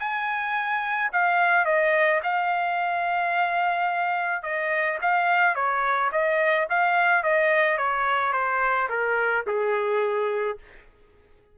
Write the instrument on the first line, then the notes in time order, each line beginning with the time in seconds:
trumpet
0.00 G#5
1.13 F5
1.65 D#5
2.23 F5
4.43 D#5
5.02 F5
5.55 C#5
6.12 D#5
6.70 F5
7.24 D#5
7.78 C#5
8.33 C5
8.89 A#4
9.47 G#4